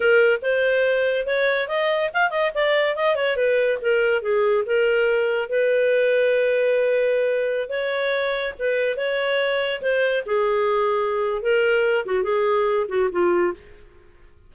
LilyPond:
\new Staff \with { instrumentName = "clarinet" } { \time 4/4 \tempo 4 = 142 ais'4 c''2 cis''4 | dis''4 f''8 dis''8 d''4 dis''8 cis''8 | b'4 ais'4 gis'4 ais'4~ | ais'4 b'2.~ |
b'2~ b'16 cis''4.~ cis''16~ | cis''16 b'4 cis''2 c''8.~ | c''16 gis'2~ gis'8. ais'4~ | ais'8 fis'8 gis'4. fis'8 f'4 | }